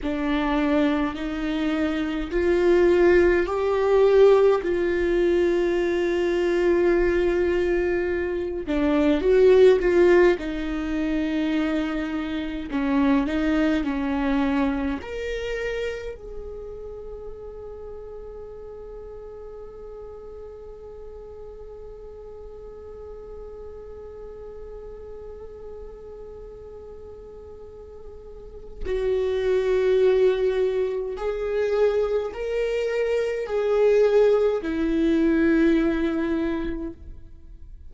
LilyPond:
\new Staff \with { instrumentName = "viola" } { \time 4/4 \tempo 4 = 52 d'4 dis'4 f'4 g'4 | f'2.~ f'8 d'8 | fis'8 f'8 dis'2 cis'8 dis'8 | cis'4 ais'4 gis'2~ |
gis'1~ | gis'1~ | gis'4 fis'2 gis'4 | ais'4 gis'4 e'2 | }